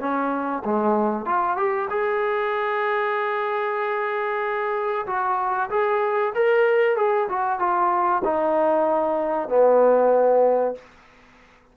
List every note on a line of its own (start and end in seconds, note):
0.00 0.63 C#4
0.65 1.26 G#3
1.26 1.57 F4
1.57 1.89 G4
1.90 5.06 G#4
5.07 5.70 F#4
5.70 6.34 G#4
6.35 6.96 A#4
6.96 7.28 G#4
7.29 7.60 F#4
7.60 8.23 F4
8.24 9.49 D#4
9.49 10.75 B3